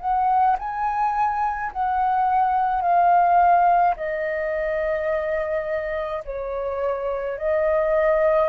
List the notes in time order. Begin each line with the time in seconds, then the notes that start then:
0.00 F#5
0.59 G#5
1.72 F#5
2.81 F5
3.96 D#5
6.25 C#5
7.38 D#5